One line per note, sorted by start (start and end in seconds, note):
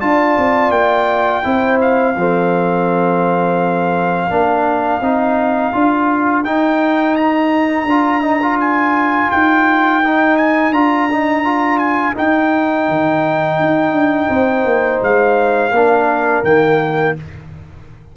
0.00 0.37 D4
0.00 1.43 F4
0.00 1.46 D5
0.00 0.71 A5
0.37 0.70 C4
0.70 1.41 A#3
0.70 1.78 G5
1.43 2.15 C4
1.43 2.14 E4
1.43 2.17 C5
1.81 6.44 F5
2.15 4.29 F3
2.15 4.30 C4
2.15 4.29 A4
4.29 5.00 A#3
4.29 5.01 D4
4.29 14.29 A#4
5.00 5.72 C4
5.00 5.73 D#4
5.73 6.45 D4
5.73 6.44 F4
6.44 7.87 D#4
6.44 7.84 D#4
6.44 7.15 G5
7.15 8.58 A#5
7.84 9.27 D4
7.84 8.21 F4
8.21 8.39 D#4
8.42 10.02 F4
8.60 9.31 G#5
9.31 10.70 D#4
9.31 10.37 G5
10.03 10.73 D#4
10.37 10.72 G#5
10.70 12.13 D4
10.70 11.09 F4
10.70 11.78 A#5
11.11 11.44 D#4
11.44 12.14 F4
11.78 12.14 G#5
12.14 15.71 D#4
12.14 12.88 D#4
12.14 15.03 G5
12.88 13.59 D#3
13.59 13.92 D#4
13.92 14.27 D4
14.29 14.64 C4
14.29 15.72 C5
14.64 15.00 A#3
15.02 15.70 G#3
15.02 16.44 F5
15.70 16.42 A#3
15.70 16.44 D4
15.70 17.15 A#4
16.43 17.14 D#3
16.43 17.16 A#3
16.43 17.15 G5